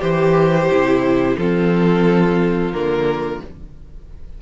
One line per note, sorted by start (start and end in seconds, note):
0.00 0.71 E3
0.00 1.36 G4
0.00 0.70 G4
0.00 1.38 C5
0.71 1.37 C3
0.71 1.39 E4
1.37 2.73 F3
1.37 2.74 C4
1.37 3.43 F4
1.37 2.73 A4
2.73 3.41 D3
2.73 3.42 A#3
2.73 3.41 A#4